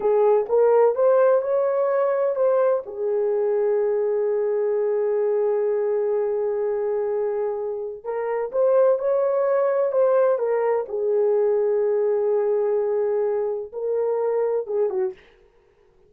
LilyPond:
\new Staff \with { instrumentName = "horn" } { \time 4/4 \tempo 4 = 127 gis'4 ais'4 c''4 cis''4~ | cis''4 c''4 gis'2~ | gis'1~ | gis'1~ |
gis'4 ais'4 c''4 cis''4~ | cis''4 c''4 ais'4 gis'4~ | gis'1~ | gis'4 ais'2 gis'8 fis'8 | }